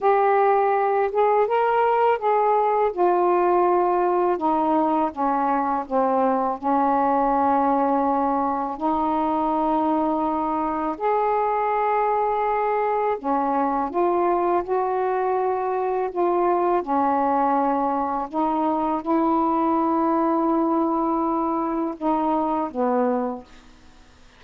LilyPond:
\new Staff \with { instrumentName = "saxophone" } { \time 4/4 \tempo 4 = 82 g'4. gis'8 ais'4 gis'4 | f'2 dis'4 cis'4 | c'4 cis'2. | dis'2. gis'4~ |
gis'2 cis'4 f'4 | fis'2 f'4 cis'4~ | cis'4 dis'4 e'2~ | e'2 dis'4 b4 | }